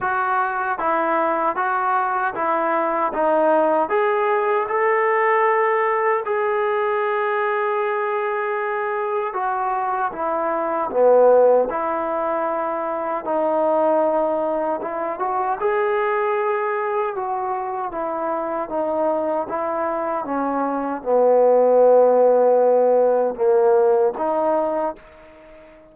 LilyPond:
\new Staff \with { instrumentName = "trombone" } { \time 4/4 \tempo 4 = 77 fis'4 e'4 fis'4 e'4 | dis'4 gis'4 a'2 | gis'1 | fis'4 e'4 b4 e'4~ |
e'4 dis'2 e'8 fis'8 | gis'2 fis'4 e'4 | dis'4 e'4 cis'4 b4~ | b2 ais4 dis'4 | }